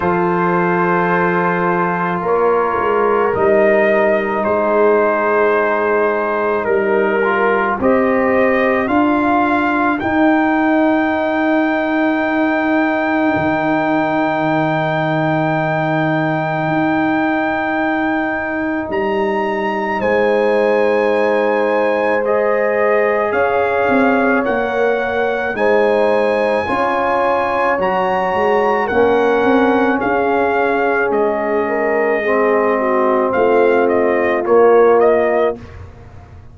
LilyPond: <<
  \new Staff \with { instrumentName = "trumpet" } { \time 4/4 \tempo 4 = 54 c''2 cis''4 dis''4 | c''2 ais'4 dis''4 | f''4 g''2.~ | g''1~ |
g''4 ais''4 gis''2 | dis''4 f''4 fis''4 gis''4~ | gis''4 ais''4 fis''4 f''4 | dis''2 f''8 dis''8 cis''8 dis''8 | }
  \new Staff \with { instrumentName = "horn" } { \time 4/4 a'2 ais'2 | gis'2 ais'4 c''4 | ais'1~ | ais'1~ |
ais'2 c''2~ | c''4 cis''2 c''4 | cis''2 ais'4 gis'4~ | gis'8 ais'8 gis'8 fis'8 f'2 | }
  \new Staff \with { instrumentName = "trombone" } { \time 4/4 f'2. dis'4~ | dis'2~ dis'8 f'8 g'4 | f'4 dis'2.~ | dis'1~ |
dis'1 | gis'2 ais'4 dis'4 | f'4 fis'4 cis'2~ | cis'4 c'2 ais4 | }
  \new Staff \with { instrumentName = "tuba" } { \time 4/4 f2 ais8 gis8 g4 | gis2 g4 c'4 | d'4 dis'2. | dis2. dis'4~ |
dis'4 g4 gis2~ | gis4 cis'8 c'8 ais4 gis4 | cis'4 fis8 gis8 ais8 c'8 cis'4 | gis2 a4 ais4 | }
>>